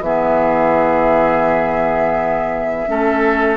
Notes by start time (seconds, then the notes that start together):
0.00 E3 B3 G#4 E5
2.87 A3 C#4 A4